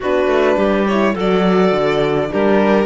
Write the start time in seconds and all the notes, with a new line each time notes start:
0.00 B3 D4 F#4 B4
0.26 A3
0.56 G3 G4
0.86 E4 C#5
1.13 F#3 F#4 A4
1.19 D5
1.72 D3
2.28 G3 D4 G4 A#4